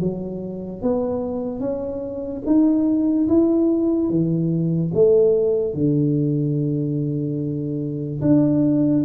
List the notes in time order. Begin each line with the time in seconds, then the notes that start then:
0.00 F#3
0.82 B3
1.60 C#4
2.46 D#4
3.28 E4
4.09 E3
4.94 A3
5.74 D3
8.22 D4